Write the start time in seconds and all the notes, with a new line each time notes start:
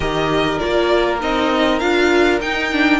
0.00 D#3 G4 A#4 D#5
0.58 A#3 F4 D5
1.20 C4 D#4 D#5
1.79 D4 F4 F5
2.41 D#4 G5
2.72 D4